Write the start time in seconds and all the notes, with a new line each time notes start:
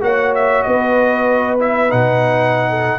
0.00 A#3 F#4 C#5 F#5
0.34 E5
0.62 B3 B4 D#5
1.59 E4 E5
1.89 B2 D#4 F#5
2.69 A4